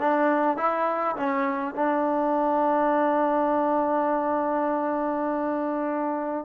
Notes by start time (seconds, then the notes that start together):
0.00 D4
0.57 E4
1.17 C#4
1.75 D4